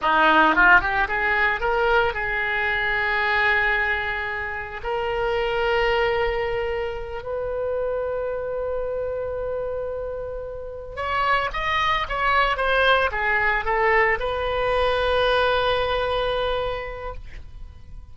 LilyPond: \new Staff \with { instrumentName = "oboe" } { \time 4/4 \tempo 4 = 112 dis'4 f'8 g'8 gis'4 ais'4 | gis'1~ | gis'4 ais'2.~ | ais'4. b'2~ b'8~ |
b'1~ | b'8 cis''4 dis''4 cis''4 c''8~ | c''8 gis'4 a'4 b'4.~ | b'1 | }